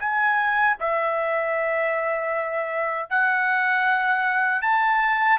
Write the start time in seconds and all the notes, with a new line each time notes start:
0.00 G#5
0.80 E5
3.10 F#5
4.62 A5